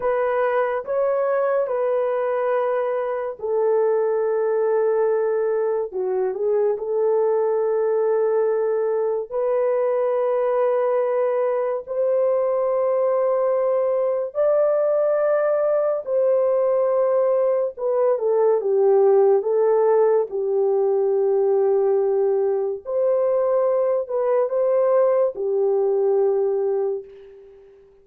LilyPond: \new Staff \with { instrumentName = "horn" } { \time 4/4 \tempo 4 = 71 b'4 cis''4 b'2 | a'2. fis'8 gis'8 | a'2. b'4~ | b'2 c''2~ |
c''4 d''2 c''4~ | c''4 b'8 a'8 g'4 a'4 | g'2. c''4~ | c''8 b'8 c''4 g'2 | }